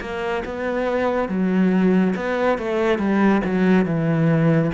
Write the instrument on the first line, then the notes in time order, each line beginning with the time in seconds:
cello
0.00 A#3
0.45 B3
1.28 F#3
2.15 B3
2.58 A3
2.98 G3
3.44 F#3
3.85 E3